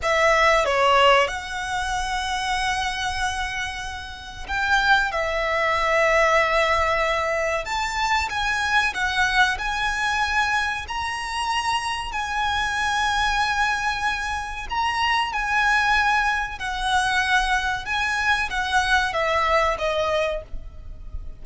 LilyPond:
\new Staff \with { instrumentName = "violin" } { \time 4/4 \tempo 4 = 94 e''4 cis''4 fis''2~ | fis''2. g''4 | e''1 | a''4 gis''4 fis''4 gis''4~ |
gis''4 ais''2 gis''4~ | gis''2. ais''4 | gis''2 fis''2 | gis''4 fis''4 e''4 dis''4 | }